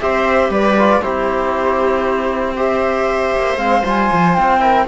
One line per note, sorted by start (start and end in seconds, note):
0.00 0.50 C4
0.00 0.77 G4
0.00 0.51 C5
0.00 0.52 E5
0.50 1.01 G3
0.50 1.03 B4
0.50 1.02 D5
0.79 1.02 F4
1.02 3.36 C4
1.02 2.56 E4
1.02 2.57 G4
1.02 2.56 C5
2.56 3.58 G4
2.56 4.61 C5
2.56 3.58 E5
3.36 3.57 A#3
3.57 3.83 G#3
3.57 3.83 C4
3.57 3.84 F5
3.85 4.11 G3
3.85 4.60 F4
3.85 4.35 G#5
4.12 4.38 F3
4.35 4.88 C4
4.35 4.86 G5
4.60 4.85 E4
4.60 4.87 A#4